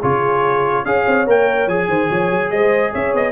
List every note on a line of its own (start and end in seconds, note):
0.00 0.85 C#3
0.00 0.86 F4
0.00 0.83 G#4
0.00 0.85 C#5
0.84 1.06 C#4
0.84 1.26 G#4
0.84 1.88 C#5
0.84 1.27 F5
1.07 1.27 C4
1.26 1.67 A#3
1.26 1.68 A#4
1.26 1.68 G5
1.67 1.88 F3
1.67 3.32 G#4
1.67 2.50 G#5
1.88 2.09 D#3
1.88 2.09 C5
2.09 2.31 F3
2.09 2.50 C#5
2.31 2.51 F#3
2.50 2.93 G#3
2.50 2.91 C5
2.50 2.92 D#5
2.91 3.13 C#4
2.91 3.32 C#5
2.91 3.15 E5
3.13 3.32 B3
3.13 3.32 D#5